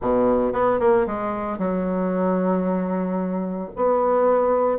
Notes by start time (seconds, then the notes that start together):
0.01 B2
0.53 B3
0.79 A#3
1.06 G#3
1.58 F#3
3.76 B3